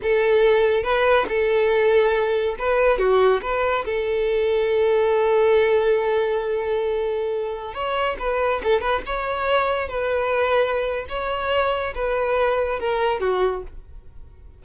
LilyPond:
\new Staff \with { instrumentName = "violin" } { \time 4/4 \tempo 4 = 141 a'2 b'4 a'4~ | a'2 b'4 fis'4 | b'4 a'2.~ | a'1~ |
a'2~ a'16 cis''4 b'8.~ | b'16 a'8 b'8 cis''2 b'8.~ | b'2 cis''2 | b'2 ais'4 fis'4 | }